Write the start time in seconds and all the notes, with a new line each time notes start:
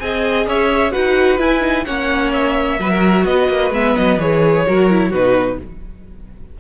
0.00 C4 G#4 D#5 G#5
0.47 C#4 C#5 E5
0.92 D#4 F#4 B4 F#5
1.39 E4 G#5
1.61 D#4
1.85 A#3 C#4 C#5 F#5
2.33 E5
2.79 F#3 F#4 B4
2.91 A#4
3.25 B3 B4 D#5
3.49 A#3
3.71 G#3 B3 E5
3.97 F#3 D#5
4.18 E3 G#4 C#5
4.66 F#3 F#4 A#4
4.90 E4
5.10 B2 D#4 F#4 B4